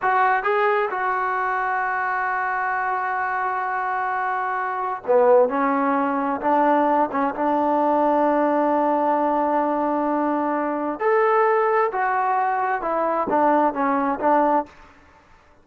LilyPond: \new Staff \with { instrumentName = "trombone" } { \time 4/4 \tempo 4 = 131 fis'4 gis'4 fis'2~ | fis'1~ | fis'2. b4 | cis'2 d'4. cis'8 |
d'1~ | d'1 | a'2 fis'2 | e'4 d'4 cis'4 d'4 | }